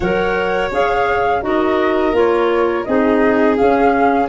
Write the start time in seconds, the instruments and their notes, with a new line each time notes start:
0.00 tuba F#3, clarinet A#4, violin C#5, flute F#5
0.71 tuba C#4, clarinet G#4, flute F5
1.42 tuba D#4, clarinet F#4, violin A#4, flute D#5
2.12 tuba A#3, clarinet F4, flute C#5
2.84 tuba C4, clarinet D#4, violin G#4, flute D#5
3.56 clarinet C#4, tuba C#4, flute F5